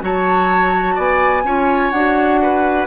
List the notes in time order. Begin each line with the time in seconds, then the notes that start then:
0.00 F#3 F#4 C#5 A5
0.94 B3 D5 G#5
1.44 C#4 F4 C#5
1.90 D4 F#4 F#5
2.42 B4